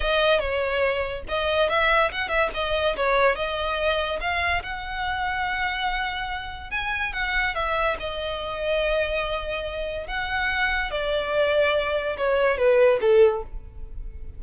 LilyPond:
\new Staff \with { instrumentName = "violin" } { \time 4/4 \tempo 4 = 143 dis''4 cis''2 dis''4 | e''4 fis''8 e''8 dis''4 cis''4 | dis''2 f''4 fis''4~ | fis''1 |
gis''4 fis''4 e''4 dis''4~ | dis''1 | fis''2 d''2~ | d''4 cis''4 b'4 a'4 | }